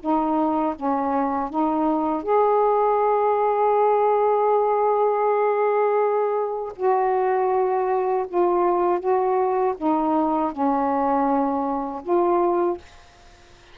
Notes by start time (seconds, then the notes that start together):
0.00 D#4
0.76 C#4
1.50 D#4
2.23 G#4
6.76 F#4
8.28 F4
9.00 F#4
9.77 D#4
10.52 C#4
12.03 F4